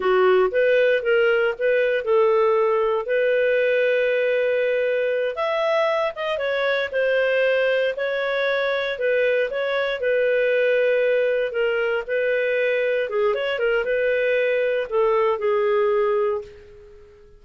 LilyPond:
\new Staff \with { instrumentName = "clarinet" } { \time 4/4 \tempo 4 = 117 fis'4 b'4 ais'4 b'4 | a'2 b'2~ | b'2~ b'8 e''4. | dis''8 cis''4 c''2 cis''8~ |
cis''4. b'4 cis''4 b'8~ | b'2~ b'8 ais'4 b'8~ | b'4. gis'8 cis''8 ais'8 b'4~ | b'4 a'4 gis'2 | }